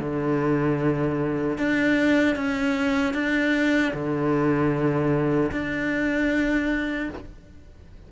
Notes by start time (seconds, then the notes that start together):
0.00 D3
1.58 D4
2.36 C#4
3.14 D4
3.93 D3
5.52 D4